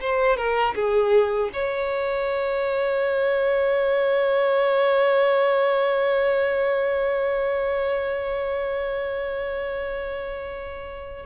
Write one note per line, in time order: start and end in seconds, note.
0.00 0.36 C5
0.36 0.74 A#4
0.75 1.50 G#4
1.53 11.25 C#5